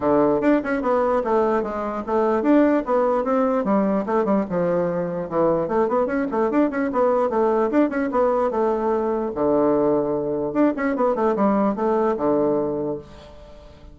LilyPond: \new Staff \with { instrumentName = "bassoon" } { \time 4/4 \tempo 4 = 148 d4 d'8 cis'8 b4 a4 | gis4 a4 d'4 b4 | c'4 g4 a8 g8 f4~ | f4 e4 a8 b8 cis'8 a8 |
d'8 cis'8 b4 a4 d'8 cis'8 | b4 a2 d4~ | d2 d'8 cis'8 b8 a8 | g4 a4 d2 | }